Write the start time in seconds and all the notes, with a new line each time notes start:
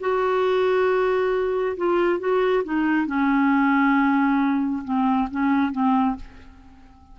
0.00 F#4
1.77 F4
2.19 F#4
2.64 D#4
3.07 C#4
4.84 C4
5.31 C#4
5.72 C4